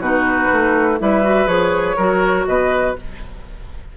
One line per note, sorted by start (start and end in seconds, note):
0.00 0.49 B2
0.00 0.99 D#4
0.00 0.99 F#4
0.00 0.99 B4
0.53 1.01 A3
0.99 1.47 G3
0.99 1.23 E4
0.99 1.97 B4
0.99 1.48 E5
1.23 1.47 F#4
1.47 1.96 F3
1.47 1.96 G#4
1.47 2.46 C#5
1.97 2.47 F#3
1.97 2.96 F#4
1.97 2.46 A#4
2.47 2.96 B2
2.47 2.98 B4
2.47 2.96 D#5